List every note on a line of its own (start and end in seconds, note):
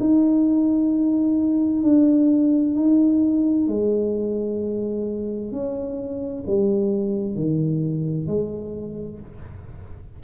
0.00 1.83 D#4
1.83 2.75 D4
2.75 3.68 D#4
3.68 5.52 G#3
5.52 6.44 C#4
6.47 7.36 G3
7.36 8.27 D#3
8.27 9.19 G#3